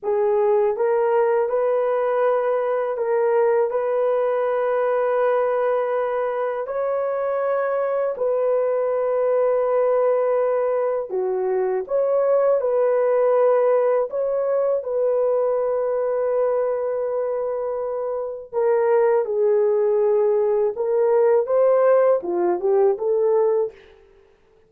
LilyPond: \new Staff \with { instrumentName = "horn" } { \time 4/4 \tempo 4 = 81 gis'4 ais'4 b'2 | ais'4 b'2.~ | b'4 cis''2 b'4~ | b'2. fis'4 |
cis''4 b'2 cis''4 | b'1~ | b'4 ais'4 gis'2 | ais'4 c''4 f'8 g'8 a'4 | }